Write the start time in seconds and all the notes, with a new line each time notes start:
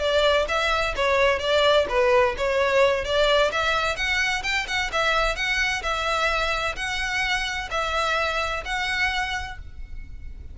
0.00 D5
0.48 E5
0.96 C#5
1.40 D5
1.89 B4
2.38 C#5
3.05 D5
3.52 E5
3.97 F#5
4.44 G5
4.68 F#5
4.93 E5
5.36 F#5
5.83 E5
6.76 F#5
7.71 E5
8.66 F#5